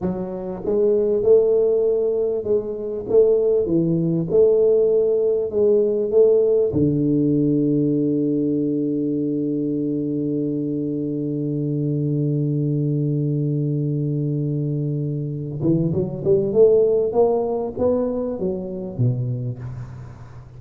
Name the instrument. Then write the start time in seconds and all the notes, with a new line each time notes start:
tuba
0.01 F#3
0.65 G#3
1.22 A3
2.44 G#3
3.09 A3
3.66 E3
4.30 A3
5.50 G#3
6.10 A3
6.73 D3
15.61 E3
15.93 F#3
16.24 G3
16.52 A3
17.12 A#3
17.77 B3
18.39 F#3
18.97 B2